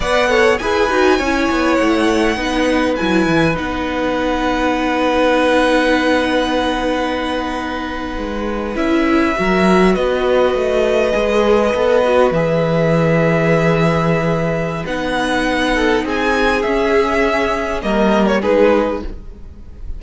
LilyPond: <<
  \new Staff \with { instrumentName = "violin" } { \time 4/4 \tempo 4 = 101 fis''4 gis''2 fis''4~ | fis''4 gis''4 fis''2~ | fis''1~ | fis''2~ fis''8. e''4~ e''16~ |
e''8. dis''2.~ dis''16~ | dis''8. e''2.~ e''16~ | e''4 fis''2 gis''4 | e''2 dis''8. cis''16 b'4 | }
  \new Staff \with { instrumentName = "violin" } { \time 4/4 d''8 cis''8 b'4 cis''2 | b'1~ | b'1~ | b'2.~ b'8. ais'16~ |
ais'8. b'2.~ b'16~ | b'1~ | b'2~ b'8 a'8 gis'4~ | gis'2 ais'4 gis'4 | }
  \new Staff \with { instrumentName = "viola" } { \time 4/4 b'8 a'8 gis'8 fis'8 e'2 | dis'4 e'4 dis'2~ | dis'1~ | dis'2~ dis'8. e'4 fis'16~ |
fis'2~ fis'8. gis'4 a'16~ | a'16 fis'8 gis'2.~ gis'16~ | gis'4 dis'2. | cis'2 ais4 dis'4 | }
  \new Staff \with { instrumentName = "cello" } { \time 4/4 b4 e'8 dis'8 cis'8 b8 a4 | b4 fis8 e8 b2~ | b1~ | b4.~ b16 gis4 cis'4 fis16~ |
fis8. b4 a4 gis4 b16~ | b8. e2.~ e16~ | e4 b2 c'4 | cis'2 g4 gis4 | }
>>